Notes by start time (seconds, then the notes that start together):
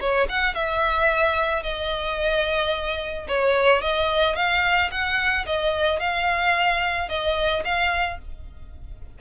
0.00 C#5
0.29 F#5
0.54 E5
1.63 D#5
3.28 C#5
3.82 D#5
4.36 F5
4.91 F#5
5.46 D#5
6.00 F5
7.09 D#5
7.64 F5